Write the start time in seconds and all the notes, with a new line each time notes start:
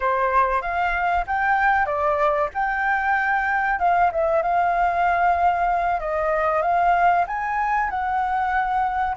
0.00 C5
0.61 F5
1.26 G5
1.86 D5
2.54 G5
3.79 F5
4.11 E5
4.42 F5
5.99 D#5
6.62 F5
7.27 G#5
7.89 F#5